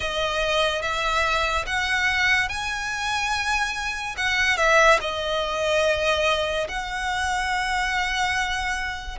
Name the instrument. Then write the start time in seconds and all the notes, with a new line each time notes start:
violin
0.00 D#5
0.81 E5
1.66 F#5
2.48 G#5
4.17 F#5
4.57 E5
5.00 D#5
6.68 F#5